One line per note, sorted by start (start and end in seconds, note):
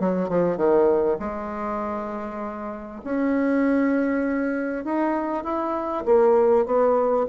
0.00 0.29 F#3
0.29 0.57 F3
0.57 1.18 D#3
1.20 3.02 G#3
3.04 4.85 C#4
4.85 5.44 D#4
5.44 6.05 E4
6.06 6.66 A#3
6.66 7.27 B3